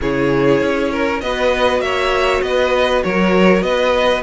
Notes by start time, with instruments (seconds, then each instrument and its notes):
0.01 cello C#3, viola E4, violin G#4 C#5
0.61 cello C#4
0.91 violin A#4
1.20 cello B3, viola F#4, violin B4 D#5
1.80 cello A#3, violin C#5 E5
2.42 cello B3, violin B4 D#5
3.03 cello F#3, violin A#4 C#5
3.62 cello B3, violin B4 D#5